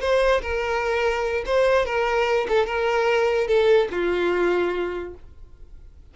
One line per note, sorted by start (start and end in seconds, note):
0.00 0.41 C5
0.41 1.44 A#4
1.45 1.85 C5
1.85 2.47 A#4
2.48 2.66 A4
2.66 3.47 A#4
3.47 3.88 A4
3.90 5.14 F4